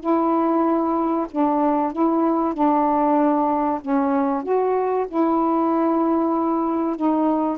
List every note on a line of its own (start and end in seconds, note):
0.00 1.26 E4
1.31 1.92 D4
1.92 2.54 E4
2.54 3.80 D4
3.81 4.43 C#4
4.43 5.06 F#4
5.08 6.96 E4
6.96 7.58 D#4